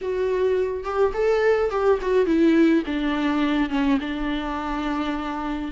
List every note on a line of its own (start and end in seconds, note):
0.01 0.84 F#4
0.84 1.12 G4
1.13 1.70 A4
1.70 1.98 G4
2.01 2.26 F#4
2.26 2.83 E4
2.86 3.69 D4
3.69 3.98 C#4
4.00 5.71 D4